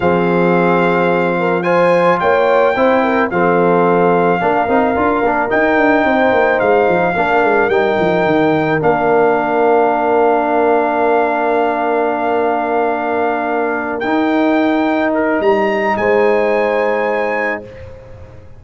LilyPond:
<<
  \new Staff \with { instrumentName = "trumpet" } { \time 4/4 \tempo 4 = 109 f''2. gis''4 | g''2 f''2~ | f''2 g''2 | f''2 g''2 |
f''1~ | f''1~ | f''4. g''2 ais'8 | ais''4 gis''2. | }
  \new Staff \with { instrumentName = "horn" } { \time 4/4 gis'2~ gis'8 ais'8 c''4 | cis''4 c''8 ais'8 a'2 | ais'2. c''4~ | c''4 ais'2.~ |
ais'1~ | ais'1~ | ais'1~ | ais'4 c''2. | }
  \new Staff \with { instrumentName = "trombone" } { \time 4/4 c'2. f'4~ | f'4 e'4 c'2 | d'8 dis'8 f'8 d'8 dis'2~ | dis'4 d'4 dis'2 |
d'1~ | d'1~ | d'4. dis'2~ dis'8~ | dis'1 | }
  \new Staff \with { instrumentName = "tuba" } { \time 4/4 f1 | ais4 c'4 f2 | ais8 c'8 d'8 ais8 dis'8 d'8 c'8 ais8 | gis8 f8 ais8 gis8 g8 f8 dis4 |
ais1~ | ais1~ | ais4. dis'2~ dis'8 | g4 gis2. | }
>>